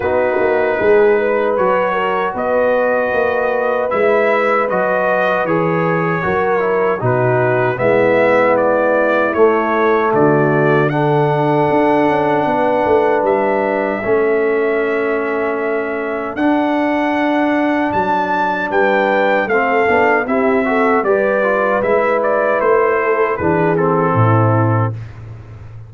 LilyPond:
<<
  \new Staff \with { instrumentName = "trumpet" } { \time 4/4 \tempo 4 = 77 b'2 cis''4 dis''4~ | dis''4 e''4 dis''4 cis''4~ | cis''4 b'4 e''4 d''4 | cis''4 d''4 fis''2~ |
fis''4 e''2.~ | e''4 fis''2 a''4 | g''4 f''4 e''4 d''4 | e''8 d''8 c''4 b'8 a'4. | }
  \new Staff \with { instrumentName = "horn" } { \time 4/4 fis'4 gis'8 b'4 ais'8 b'4~ | b'1 | ais'4 fis'4 e'2~ | e'4 fis'4 a'2 |
b'2 a'2~ | a'1 | b'4 a'4 g'8 a'8 b'4~ | b'4. a'8 gis'4 e'4 | }
  \new Staff \with { instrumentName = "trombone" } { \time 4/4 dis'2 fis'2~ | fis'4 e'4 fis'4 gis'4 | fis'8 e'8 dis'4 b2 | a2 d'2~ |
d'2 cis'2~ | cis'4 d'2.~ | d'4 c'8 d'8 e'8 fis'8 g'8 f'8 | e'2 d'8 c'4. | }
  \new Staff \with { instrumentName = "tuba" } { \time 4/4 b8 ais8 gis4 fis4 b4 | ais4 gis4 fis4 e4 | fis4 b,4 gis2 | a4 d2 d'8 cis'8 |
b8 a8 g4 a2~ | a4 d'2 fis4 | g4 a8 b8 c'4 g4 | gis4 a4 e4 a,4 | }
>>